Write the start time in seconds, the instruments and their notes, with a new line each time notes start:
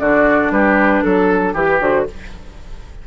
0.00 bassoon D3, clarinet D4, oboe F#4, flute D5
0.51 bassoon G3, oboe G4, flute B4
1.03 bassoon F#3, flute A4, oboe A4
1.54 bassoon E3, oboe G4, clarinet G4, flute B4
1.80 bassoon D3, clarinet F#4, flute C5